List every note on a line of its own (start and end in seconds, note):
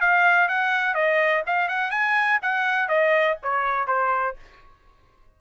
0.00 0.48 F5
0.48 0.94 F#5
0.94 1.43 D#5
1.46 1.68 F5
1.68 1.90 F#5
1.90 2.39 G#5
2.42 2.88 F#5
2.88 3.37 D#5
3.42 3.87 C#5
3.87 4.36 C5